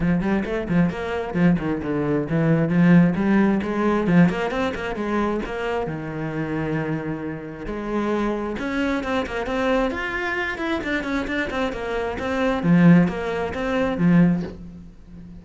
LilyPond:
\new Staff \with { instrumentName = "cello" } { \time 4/4 \tempo 4 = 133 f8 g8 a8 f8 ais4 f8 dis8 | d4 e4 f4 g4 | gis4 f8 ais8 c'8 ais8 gis4 | ais4 dis2.~ |
dis4 gis2 cis'4 | c'8 ais8 c'4 f'4. e'8 | d'8 cis'8 d'8 c'8 ais4 c'4 | f4 ais4 c'4 f4 | }